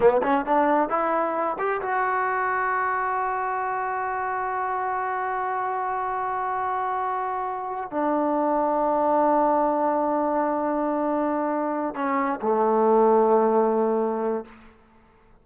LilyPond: \new Staff \with { instrumentName = "trombone" } { \time 4/4 \tempo 4 = 133 b8 cis'8 d'4 e'4. g'8 | fis'1~ | fis'1~ | fis'1~ |
fis'4. d'2~ d'8~ | d'1~ | d'2~ d'8 cis'4 a8~ | a1 | }